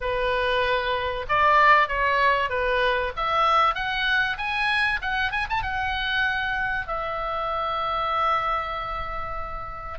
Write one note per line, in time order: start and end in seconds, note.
0.01 1.26 B4
1.28 1.88 D5
1.88 2.49 C#5
2.49 3.12 B4
3.16 3.74 E5
3.74 4.37 F#5
4.37 5.00 G#5
5.01 5.31 F#5
5.31 5.47 G#5
5.49 5.62 A5
5.62 6.87 F#5
6.87 9.99 E5